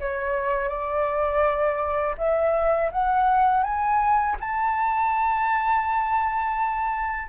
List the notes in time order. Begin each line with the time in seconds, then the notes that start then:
0.00 C#5
0.69 D5
2.18 E5
2.92 F#5
3.63 G#5
4.40 A5